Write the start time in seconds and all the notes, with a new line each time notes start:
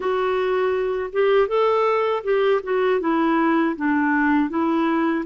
0.00 F#4
1.12 G4
1.48 A4
2.23 G4
2.63 F#4
3.00 E4
3.76 D4
4.49 E4